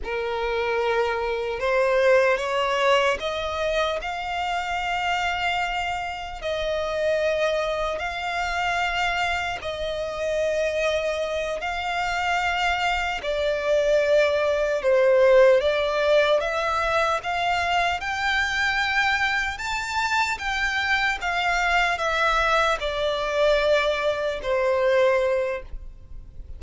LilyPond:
\new Staff \with { instrumentName = "violin" } { \time 4/4 \tempo 4 = 75 ais'2 c''4 cis''4 | dis''4 f''2. | dis''2 f''2 | dis''2~ dis''8 f''4.~ |
f''8 d''2 c''4 d''8~ | d''8 e''4 f''4 g''4.~ | g''8 a''4 g''4 f''4 e''8~ | e''8 d''2 c''4. | }